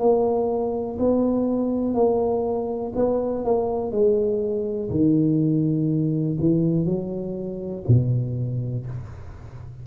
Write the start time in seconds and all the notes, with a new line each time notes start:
0.00 A#3
0.99 B3
1.94 A#3
2.96 B3
3.45 A#3
3.92 G#3
4.90 D#3
6.40 E3
6.86 F#3
7.88 B2